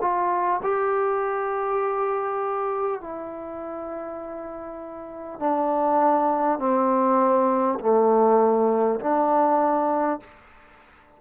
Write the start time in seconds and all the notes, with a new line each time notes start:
0.00 F4
0.62 G4
3.00 E4
5.39 D4
6.58 C4
7.79 A3
8.99 D4